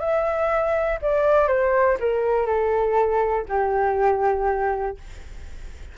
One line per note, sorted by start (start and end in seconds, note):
0.00 0.99 E5
1.02 1.48 D5
1.48 1.98 C5
2.00 2.46 A#4
2.46 3.46 A4
3.49 4.98 G4